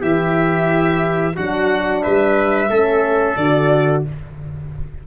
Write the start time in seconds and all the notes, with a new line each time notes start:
0.00 E3 E4 G4 E5
1.35 F#3 D4 F#4 F#5
2.02 G3 B4 E5
2.69 A3 C#4 A4
3.35 D3 F#4 D5